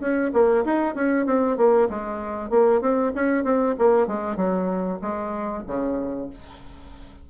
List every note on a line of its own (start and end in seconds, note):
0.00 0.31 C#4
0.33 0.64 A#3
0.65 0.95 D#4
0.95 1.26 C#4
1.26 1.57 C4
1.57 1.89 A#3
1.90 2.50 G#3
2.50 2.81 A#3
2.81 3.12 C4
3.15 3.44 C#4
3.44 3.75 C4
3.78 4.07 A#3
4.07 4.37 G#3
4.37 4.99 F#3
5.02 5.64 G#3
5.67 6.30 C#3